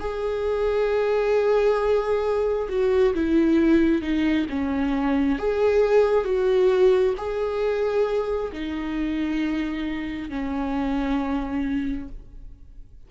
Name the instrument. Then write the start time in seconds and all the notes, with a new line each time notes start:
viola
0.00 G#4
2.69 F#4
3.14 E4
4.02 D#4
4.50 C#4
5.39 G#4
6.25 F#4
7.18 G#4
8.53 D#4
10.30 C#4